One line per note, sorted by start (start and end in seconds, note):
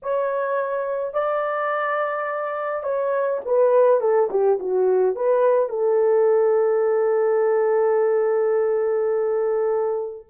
0.02 1.13 C#5
1.13 2.83 D5
2.83 3.40 C#5
3.45 4.00 B4
4.00 4.29 A4
4.30 4.59 G4
4.59 5.15 F#4
5.15 5.69 B4
5.69 10.26 A4